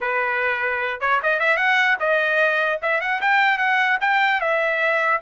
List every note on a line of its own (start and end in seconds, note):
0.00 1.00 B4
1.00 1.20 C#5
1.22 1.39 D#5
1.39 1.57 E5
1.57 1.97 F#5
1.99 2.79 D#5
2.82 3.00 E5
3.00 3.20 F#5
3.21 3.58 G5
3.58 3.98 F#5
4.00 4.40 G5
4.40 5.20 E5